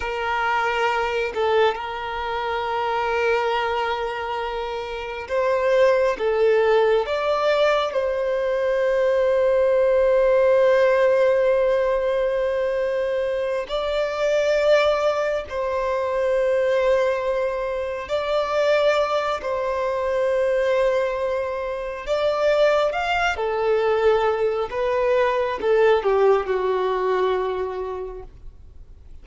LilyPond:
\new Staff \with { instrumentName = "violin" } { \time 4/4 \tempo 4 = 68 ais'4. a'8 ais'2~ | ais'2 c''4 a'4 | d''4 c''2.~ | c''2.~ c''8 d''8~ |
d''4. c''2~ c''8~ | c''8 d''4. c''2~ | c''4 d''4 f''8 a'4. | b'4 a'8 g'8 fis'2 | }